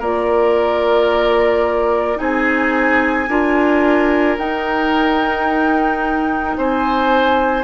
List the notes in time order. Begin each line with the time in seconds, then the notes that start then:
0.00 A#3 F4 A#4 D5
2.17 C4 D#4 G#4 G#5
3.29 D4 F4 A#4
4.38 D#4 G5
6.57 C4 C5 G#5